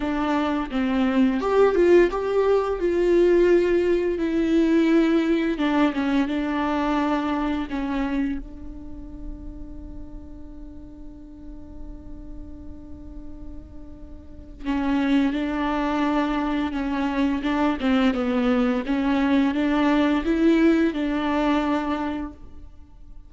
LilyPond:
\new Staff \with { instrumentName = "viola" } { \time 4/4 \tempo 4 = 86 d'4 c'4 g'8 f'8 g'4 | f'2 e'2 | d'8 cis'8 d'2 cis'4 | d'1~ |
d'1~ | d'4 cis'4 d'2 | cis'4 d'8 c'8 b4 cis'4 | d'4 e'4 d'2 | }